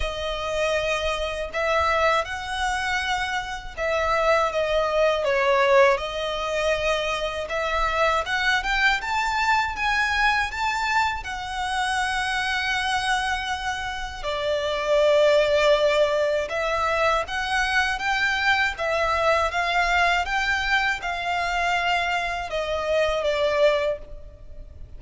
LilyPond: \new Staff \with { instrumentName = "violin" } { \time 4/4 \tempo 4 = 80 dis''2 e''4 fis''4~ | fis''4 e''4 dis''4 cis''4 | dis''2 e''4 fis''8 g''8 | a''4 gis''4 a''4 fis''4~ |
fis''2. d''4~ | d''2 e''4 fis''4 | g''4 e''4 f''4 g''4 | f''2 dis''4 d''4 | }